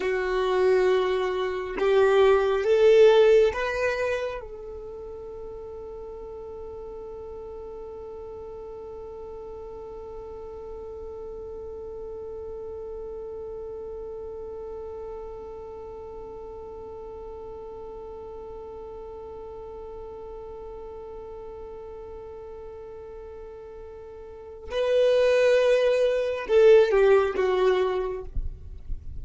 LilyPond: \new Staff \with { instrumentName = "violin" } { \time 4/4 \tempo 4 = 68 fis'2 g'4 a'4 | b'4 a'2.~ | a'1~ | a'1~ |
a'1~ | a'1~ | a'1 | b'2 a'8 g'8 fis'4 | }